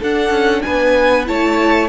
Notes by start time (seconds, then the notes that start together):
0.00 D4 A4 F#5
0.30 C#4
0.62 B3 B4 G#5
1.26 A3 E4 C#5 A5